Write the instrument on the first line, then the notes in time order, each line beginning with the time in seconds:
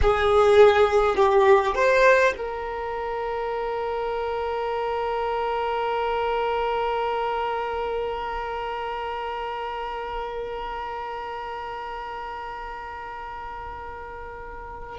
violin
0.01 G#4
1.16 G4
1.74 C5
2.36 A#4